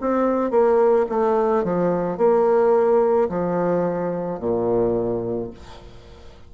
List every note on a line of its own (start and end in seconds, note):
0.00 0.50 C4
0.50 1.06 A#3
1.09 1.64 A3
1.64 2.17 F3
2.17 3.28 A#3
3.29 4.39 F3
4.39 5.50 A#2